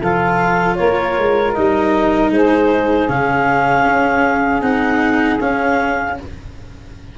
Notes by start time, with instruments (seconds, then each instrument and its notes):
0.00 tuba F3, cello F4, saxophone A4, clarinet F5
0.76 tuba A#3, saxophone A#4, clarinet C#5
1.18 tuba G#3
1.54 tuba G3, cello D#4, clarinet D#5
2.30 tuba G#3, saxophone G#4, clarinet C5
3.09 tuba C#3, cello C#4, clarinet F5
3.86 tuba C#4
4.62 tuba C4, cello D#4, clarinet F#5
5.41 cello C#4, tuba C#4, clarinet F5